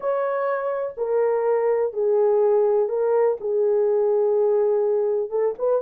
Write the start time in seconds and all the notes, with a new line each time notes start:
0.00 C#5
0.97 A#4
1.93 G#4
2.89 A#4
3.40 G#4
5.30 A4
5.58 B4